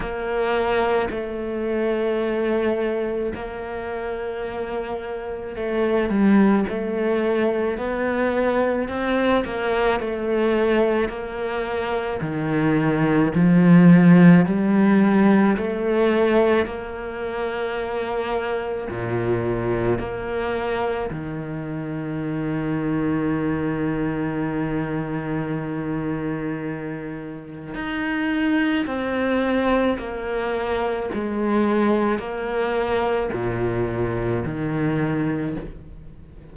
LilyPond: \new Staff \with { instrumentName = "cello" } { \time 4/4 \tempo 4 = 54 ais4 a2 ais4~ | ais4 a8 g8 a4 b4 | c'8 ais8 a4 ais4 dis4 | f4 g4 a4 ais4~ |
ais4 ais,4 ais4 dis4~ | dis1~ | dis4 dis'4 c'4 ais4 | gis4 ais4 ais,4 dis4 | }